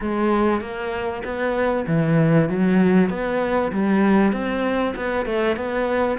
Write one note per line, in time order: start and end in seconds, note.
0.00 0.60 G#3
0.60 1.22 A#3
1.24 1.86 B3
1.87 2.49 E3
2.49 3.09 F#3
3.09 3.71 B3
3.71 4.32 G3
4.32 4.94 C4
4.95 5.25 B3
5.25 5.56 A3
5.56 6.18 B3